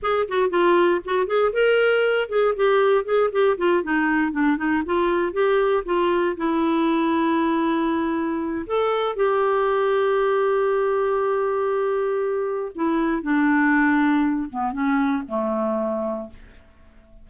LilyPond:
\new Staff \with { instrumentName = "clarinet" } { \time 4/4 \tempo 4 = 118 gis'8 fis'8 f'4 fis'8 gis'8 ais'4~ | ais'8 gis'8 g'4 gis'8 g'8 f'8 dis'8~ | dis'8 d'8 dis'8 f'4 g'4 f'8~ | f'8 e'2.~ e'8~ |
e'4 a'4 g'2~ | g'1~ | g'4 e'4 d'2~ | d'8 b8 cis'4 a2 | }